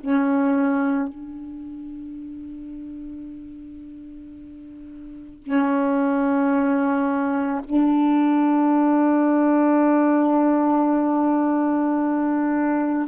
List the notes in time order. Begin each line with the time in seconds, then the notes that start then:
0.00 C#4
1.09 D4
5.43 C#4
7.64 D4